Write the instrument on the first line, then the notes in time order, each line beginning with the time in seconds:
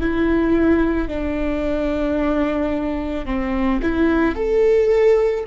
viola
0.00 E4
1.08 D4
3.25 C4
3.82 E4
4.35 A4